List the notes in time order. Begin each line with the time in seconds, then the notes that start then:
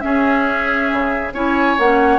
0.00 C#4 G#4 E5
0.92 C#3
1.33 C#4 E4 C#5 G#5
1.78 A#3 C#4 F#5